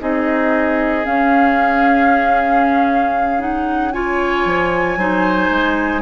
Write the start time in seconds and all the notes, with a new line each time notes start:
0.00 C4 D#4 G#4 D#5
1.05 C#4 F5
3.39 D#4 F#5
3.93 F4 C#5 G#5
4.46 F3
4.97 F#3 D#4 C5
5.51 G#3